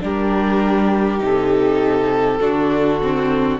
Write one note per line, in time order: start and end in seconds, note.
0.00 1.20 G3
0.00 1.18 D4
0.00 2.40 G4
0.00 1.24 A#4
1.18 2.40 C3
1.18 2.38 D#4
1.18 3.60 A4
2.40 3.60 D3
2.40 3.01 D4
2.40 3.60 F#4
3.02 3.60 C4